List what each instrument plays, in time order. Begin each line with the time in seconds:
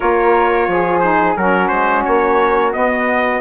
0.00 bassoon A#3, saxophone F4, flute A#4, trumpet C#5
0.67 bassoon F3, flute G#4
0.99 saxophone D#4, trumpet C5
1.36 bassoon F#3, saxophone C#4, flute F#4, trumpet A#4
1.68 bassoon G#3, trumpet C5
2.04 bassoon A#3, trumpet C#5
2.72 saxophone B3, bassoon B3, trumpet D#5